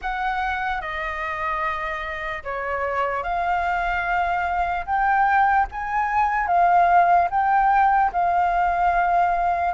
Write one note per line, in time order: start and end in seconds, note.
0.01 0.81 F#5
0.81 2.43 D#5
2.43 3.23 C#5
3.23 4.85 F5
4.85 5.66 G5
5.71 6.47 G#5
6.47 7.28 F5
7.30 8.11 G5
8.12 9.73 F5